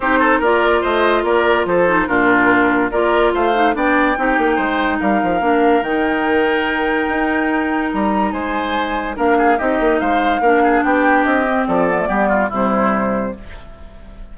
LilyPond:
<<
  \new Staff \with { instrumentName = "flute" } { \time 4/4 \tempo 4 = 144 c''4 d''4 dis''4 d''4 | c''4 ais'2 d''4 | f''4 g''2. | f''2 g''2~ |
g''2. ais''4 | gis''2 f''4 dis''4 | f''2 g''4 dis''4 | d''2 c''2 | }
  \new Staff \with { instrumentName = "oboe" } { \time 4/4 g'8 a'8 ais'4 c''4 ais'4 | a'4 f'2 ais'4 | c''4 d''4 g'4 c''4 | ais'1~ |
ais'1 | c''2 ais'8 gis'8 g'4 | c''4 ais'8 gis'8 g'2 | a'4 g'8 f'8 e'2 | }
  \new Staff \with { instrumentName = "clarinet" } { \time 4/4 dis'4 f'2.~ | f'8 dis'8 d'2 f'4~ | f'8 dis'8 d'4 dis'2~ | dis'4 d'4 dis'2~ |
dis'1~ | dis'2 d'4 dis'4~ | dis'4 d'2~ d'8 c'8~ | c'8 b16 a16 b4 g2 | }
  \new Staff \with { instrumentName = "bassoon" } { \time 4/4 c'4 ais4 a4 ais4 | f4 ais,2 ais4 | a4 b4 c'8 ais8 gis4 | g8 f8 ais4 dis2~ |
dis4 dis'2 g4 | gis2 ais4 c'8 ais8 | gis4 ais4 b4 c'4 | f4 g4 c2 | }
>>